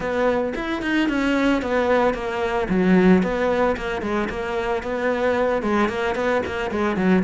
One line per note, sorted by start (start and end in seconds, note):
0.00 0.53 B3
0.55 0.82 E4
0.82 1.09 D#4
1.09 1.62 C#4
1.62 2.14 B3
2.14 2.67 A#3
2.69 3.22 F#3
3.22 3.76 B3
3.76 4.01 A#3
4.01 4.28 G#3
4.29 4.82 A#3
4.82 5.62 B3
5.62 5.89 G#3
5.89 6.15 A#3
6.15 6.42 B3
6.46 6.71 A#3
6.71 6.96 G#3
6.96 7.23 F#3